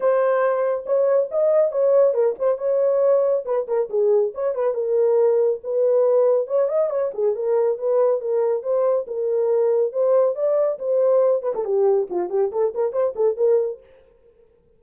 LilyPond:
\new Staff \with { instrumentName = "horn" } { \time 4/4 \tempo 4 = 139 c''2 cis''4 dis''4 | cis''4 ais'8 c''8 cis''2 | b'8 ais'8 gis'4 cis''8 b'8 ais'4~ | ais'4 b'2 cis''8 dis''8 |
cis''8 gis'8 ais'4 b'4 ais'4 | c''4 ais'2 c''4 | d''4 c''4. b'16 a'16 g'4 | f'8 g'8 a'8 ais'8 c''8 a'8 ais'4 | }